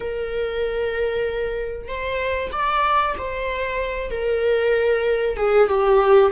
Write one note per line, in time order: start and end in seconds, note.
0.00 1.87 A#4
1.87 2.51 C5
2.51 3.15 D5
3.18 4.11 C5
4.11 5.37 A#4
5.37 5.68 G#4
5.68 6.31 G4